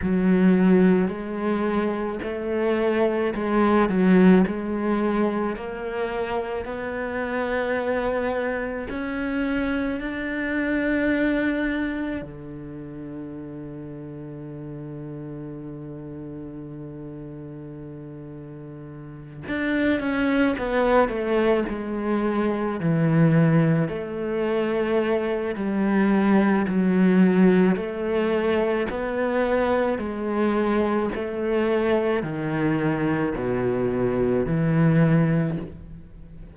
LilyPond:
\new Staff \with { instrumentName = "cello" } { \time 4/4 \tempo 4 = 54 fis4 gis4 a4 gis8 fis8 | gis4 ais4 b2 | cis'4 d'2 d4~ | d1~ |
d4. d'8 cis'8 b8 a8 gis8~ | gis8 e4 a4. g4 | fis4 a4 b4 gis4 | a4 dis4 b,4 e4 | }